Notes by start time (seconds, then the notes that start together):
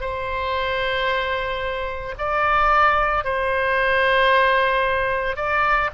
0.00 C5
2.18 D5
3.24 C5
5.36 D5